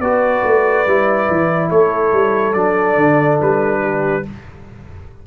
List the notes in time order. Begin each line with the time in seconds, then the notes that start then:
0.00 B3 F#4 B4 D5
0.45 A3
0.86 G3 E4
1.30 E3
1.69 A3 A4 C#5
2.13 G3
2.53 F#3 D4 D5
2.97 D3
3.42 G3 B4
3.82 G4